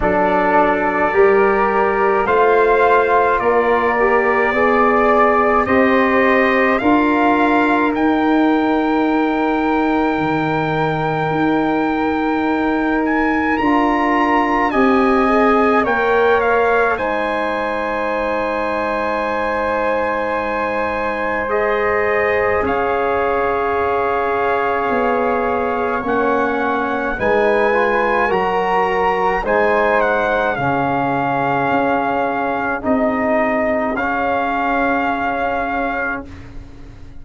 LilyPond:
<<
  \new Staff \with { instrumentName = "trumpet" } { \time 4/4 \tempo 4 = 53 d''2 f''4 d''4~ | d''4 dis''4 f''4 g''4~ | g''2.~ g''8 gis''8 | ais''4 gis''4 g''8 f''8 gis''4~ |
gis''2. dis''4 | f''2. fis''4 | gis''4 ais''4 gis''8 fis''8 f''4~ | f''4 dis''4 f''2 | }
  \new Staff \with { instrumentName = "flute" } { \time 4/4 a'4 ais'4 c''4 ais'4 | d''4 c''4 ais'2~ | ais'1~ | ais'4 dis''4 cis''4 c''4~ |
c''1 | cis''1 | b'4 ais'4 c''4 gis'4~ | gis'1 | }
  \new Staff \with { instrumentName = "trombone" } { \time 4/4 d'4 g'4 f'4. g'8 | gis'4 g'4 f'4 dis'4~ | dis'1 | f'4 g'8 gis'8 ais'4 dis'4~ |
dis'2. gis'4~ | gis'2. cis'4 | dis'8 f'8 fis'4 dis'4 cis'4~ | cis'4 dis'4 cis'2 | }
  \new Staff \with { instrumentName = "tuba" } { \time 4/4 fis4 g4 a4 ais4 | b4 c'4 d'4 dis'4~ | dis'4 dis4 dis'2 | d'4 c'4 ais4 gis4~ |
gis1 | cis'2 b4 ais4 | gis4 fis4 gis4 cis4 | cis'4 c'4 cis'2 | }
>>